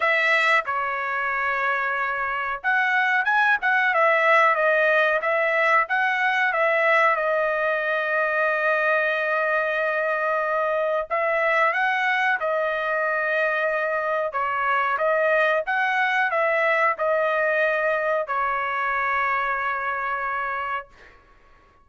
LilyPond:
\new Staff \with { instrumentName = "trumpet" } { \time 4/4 \tempo 4 = 92 e''4 cis''2. | fis''4 gis''8 fis''8 e''4 dis''4 | e''4 fis''4 e''4 dis''4~ | dis''1~ |
dis''4 e''4 fis''4 dis''4~ | dis''2 cis''4 dis''4 | fis''4 e''4 dis''2 | cis''1 | }